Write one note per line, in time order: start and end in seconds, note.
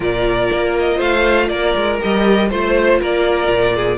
0.00 0.49 A#2
0.00 1.99 F4
0.00 0.96 A#4
0.00 0.77 D5
0.51 0.99 A#3
0.79 1.00 D#5
0.96 1.49 A3
0.96 1.46 C5
0.96 1.48 F5
1.48 1.74 A#3
1.48 2.49 A#4
1.48 1.98 D5
1.75 2.00 G#3
1.99 2.50 G3
1.99 2.49 G4
1.99 2.49 D#5
2.49 3.00 A3
2.49 3.97 F4
2.49 2.99 C5
2.49 3.00 C5
3.00 3.48 A#3
3.00 3.75 A#4
3.00 3.97 D5
3.48 3.97 A#2
3.75 3.97 G#4